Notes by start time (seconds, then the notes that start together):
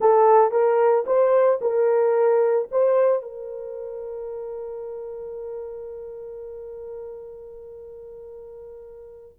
0.00 A4
0.51 A#4
1.06 C5
1.61 A#4
2.71 C5
3.22 A#4